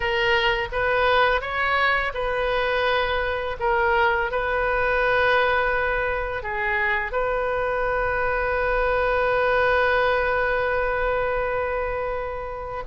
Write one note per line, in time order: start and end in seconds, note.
0.00 0.68 A#4
0.71 1.41 B4
1.41 2.12 C#5
2.14 3.56 B4
3.59 4.31 A#4
4.31 6.43 B4
6.43 7.12 G#4
7.12 12.83 B4